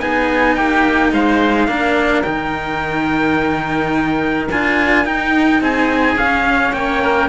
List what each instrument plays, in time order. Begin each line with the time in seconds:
0.00 cello B3 D#4, oboe G#4, trumpet G#5
0.55 cello A#3, oboe G4, trumpet G5
1.12 cello G#3, oboe C5, trumpet F5
1.67 cello A#3 D4, oboe A#4
2.22 cello D#3 D#4, trumpet G5
4.50 cello D4 F4, trumpet G#5
5.04 cello D#4, trumpet G5
5.61 cello C4, oboe G#4, trumpet G#5
6.15 cello C#4, trumpet F5
6.73 cello A#3, oboe C#5, trumpet G5
7.03 oboe A#4